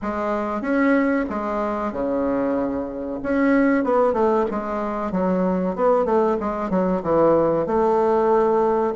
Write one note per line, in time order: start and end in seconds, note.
0.02 0.61 G#3
0.61 1.25 C#4
1.29 1.92 G#3
1.92 3.20 C#3
3.22 3.84 C#4
3.84 4.13 B3
4.13 4.45 A3
4.51 5.11 G#3
5.11 5.75 F#3
5.75 6.05 B3
6.05 6.37 A3
6.39 6.69 G#3
6.69 7.01 F#3
7.02 7.66 E3
7.66 8.94 A3